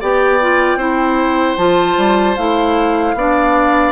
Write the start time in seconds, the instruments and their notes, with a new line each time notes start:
0.00 bassoon B3, clarinet G4, oboe D5, flute G5
0.40 clarinet F4
0.76 bassoon C4, clarinet E4, oboe C5
1.57 bassoon F3, clarinet F4, flute A5
1.97 bassoon G3
2.36 bassoon A3, clarinet E4, flute F5
3.14 bassoon B3, clarinet D4, oboe D5